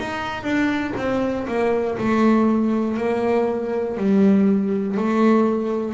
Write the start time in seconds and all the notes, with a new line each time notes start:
0.00 D#4
0.44 D4
0.97 C4
1.48 A#3
1.99 A3
2.97 A#3
3.97 G3
4.98 A3